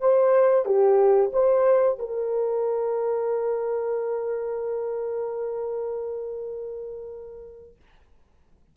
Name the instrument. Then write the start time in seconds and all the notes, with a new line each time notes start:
horn
0.00 C5
0.65 G4
1.33 C5
1.99 A#4